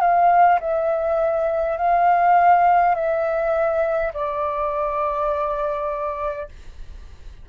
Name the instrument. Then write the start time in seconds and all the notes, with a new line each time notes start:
flute
0.00 F5
0.60 E5
1.77 F5
2.95 E5
4.13 D5